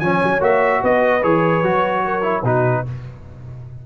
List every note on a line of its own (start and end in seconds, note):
0.00 0.21 F3
0.00 0.40 C#4
0.00 0.82 C#5
0.00 0.41 G#5
0.23 0.41 F#3
0.40 0.81 A#3
0.40 1.21 F#4
0.40 0.84 E5
0.82 1.24 B3
0.82 2.03 B4
0.82 1.23 D#5
1.23 1.63 E3
1.23 1.64 G#4
1.23 2.45 C#5
1.63 2.43 F#3
1.63 2.22 F#4
2.05 2.43 A#4
2.22 2.42 E4
2.43 2.84 B2
2.43 2.86 D#4
2.43 2.84 F#4
2.43 2.86 B4